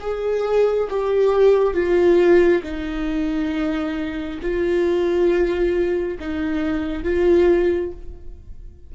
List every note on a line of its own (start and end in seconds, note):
0.00 0.88 G#4
0.89 1.73 G4
1.73 2.61 F4
2.63 4.39 D#4
4.41 6.18 F4
6.19 7.03 D#4
7.03 7.91 F4